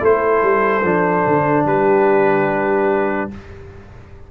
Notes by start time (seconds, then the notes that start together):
0.00 A3 E4 A4 C5
0.43 G3
0.84 F3 D4
1.27 D3
1.65 G3 G4 B4